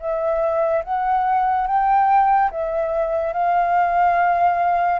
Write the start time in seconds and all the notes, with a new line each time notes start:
0.00 E5
0.84 F#5
1.67 G5
2.52 E5
3.33 F5